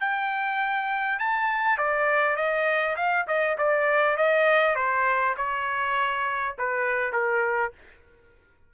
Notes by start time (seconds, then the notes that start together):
0.00 G5
1.19 A5
1.77 D5
2.36 D#5
2.96 F5
3.27 D#5
3.58 D5
4.16 D#5
4.75 C5
5.37 C#5
6.58 B4
7.12 A#4